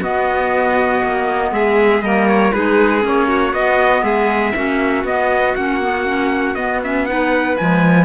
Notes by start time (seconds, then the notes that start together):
0.00 B3 F#4 D#5
1.03 A#3
1.51 G#3 G#4 E5
2.01 G3 A#3 A#4 D#5
2.27 C#5
2.52 G#3 D#4 G#4 B4
3.00 A#3 C#4
3.07 C#5
3.28 F#4
3.53 B3 D#5
4.02 G#3 G#4 E5
4.55 A#3 C#4 F#4
5.04 B3 D#5
5.55 A#3 C#4 F#5
5.81 B3
6.05 C#4
6.55 B3 D#5
6.83 C#4 E5
7.06 D#4 B4 F#5
7.57 F3 G#3 G#5